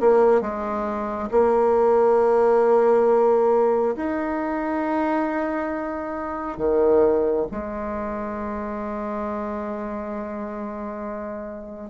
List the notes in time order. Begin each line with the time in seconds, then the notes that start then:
0.00 A#3
0.41 G#3
1.31 A#3
3.96 D#4
6.58 D#3
7.51 G#3